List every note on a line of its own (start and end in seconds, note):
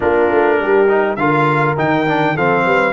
0.00 0.30 A#3
0.00 0.87 D4
0.00 0.59 F4
0.00 1.16 A#4
0.30 0.60 A3
0.60 1.17 G3
0.60 1.17 G4
0.87 1.17 D#4
1.16 1.75 D3
1.16 1.77 F4
1.16 2.34 A#4
1.16 1.75 F5
1.77 2.37 D#3
1.77 2.06 D#4
1.77 2.37 G5
2.06 2.36 D4
2.34 2.65 F3
2.34 2.93 C4
2.34 2.64 A4
2.34 2.93 F5
2.64 2.93 G3
2.64 2.93 B4